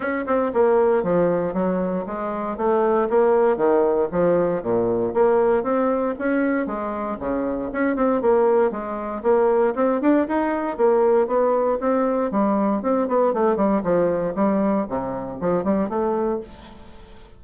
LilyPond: \new Staff \with { instrumentName = "bassoon" } { \time 4/4 \tempo 4 = 117 cis'8 c'8 ais4 f4 fis4 | gis4 a4 ais4 dis4 | f4 ais,4 ais4 c'4 | cis'4 gis4 cis4 cis'8 c'8 |
ais4 gis4 ais4 c'8 d'8 | dis'4 ais4 b4 c'4 | g4 c'8 b8 a8 g8 f4 | g4 c4 f8 g8 a4 | }